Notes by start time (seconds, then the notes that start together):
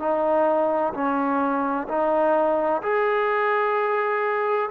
0.00 D#4
0.94 C#4
1.89 D#4
2.83 G#4